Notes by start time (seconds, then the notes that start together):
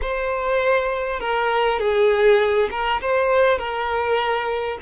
0.01 C5
1.20 A#4
1.79 G#4
2.70 A#4
3.01 C5
3.58 A#4